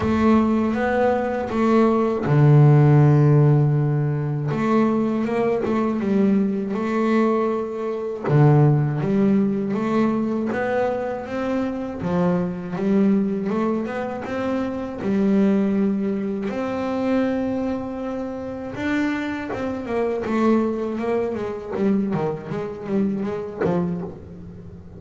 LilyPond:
\new Staff \with { instrumentName = "double bass" } { \time 4/4 \tempo 4 = 80 a4 b4 a4 d4~ | d2 a4 ais8 a8 | g4 a2 d4 | g4 a4 b4 c'4 |
f4 g4 a8 b8 c'4 | g2 c'2~ | c'4 d'4 c'8 ais8 a4 | ais8 gis8 g8 dis8 gis8 g8 gis8 f8 | }